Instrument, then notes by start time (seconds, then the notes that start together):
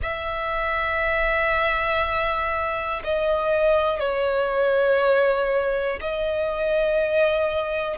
violin
0.02 E5
3.04 D#5
3.99 C#5
6.00 D#5